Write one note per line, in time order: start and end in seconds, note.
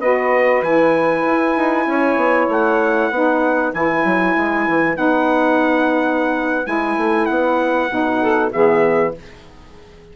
0.00 0.62 B3
0.00 0.63 F#4
0.00 1.86 B4
0.00 0.62 D#5
0.62 1.23 E3
0.62 3.11 E4
0.62 2.49 G#5
1.26 1.56 E4
1.56 1.86 D#4
1.86 2.16 C#4
1.86 3.11 C#5
2.16 2.47 B3
2.48 3.10 A3
2.48 3.73 F#5
3.10 3.72 B3
3.10 3.74 D#4
3.10 8.20 B4
3.73 4.04 E3
3.73 4.94 E4
3.73 4.97 G#5
4.04 4.35 F#3
4.36 4.67 G#3
4.67 4.96 E3
4.94 6.66 B3
4.94 6.64 D#4
4.94 6.66 F#5
6.64 6.97 G#3
6.64 7.88 E4
6.64 7.25 G#5
6.97 7.28 A3
7.25 7.90 B3
7.25 8.49 F#5
7.89 8.51 B2
7.89 8.51 D#4
8.20 8.51 A4
8.52 9.16 E3
8.52 9.14 B3
8.52 9.14 G#4
8.52 9.14 E5